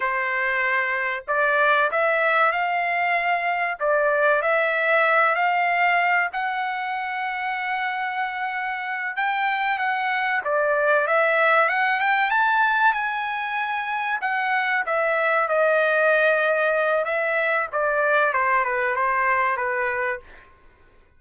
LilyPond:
\new Staff \with { instrumentName = "trumpet" } { \time 4/4 \tempo 4 = 95 c''2 d''4 e''4 | f''2 d''4 e''4~ | e''8 f''4. fis''2~ | fis''2~ fis''8 g''4 fis''8~ |
fis''8 d''4 e''4 fis''8 g''8 a''8~ | a''8 gis''2 fis''4 e''8~ | e''8 dis''2~ dis''8 e''4 | d''4 c''8 b'8 c''4 b'4 | }